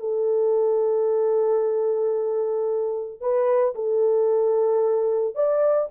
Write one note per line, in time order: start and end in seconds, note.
0.00 3.21 A4
3.21 3.75 B4
3.75 5.35 A4
5.35 5.89 D5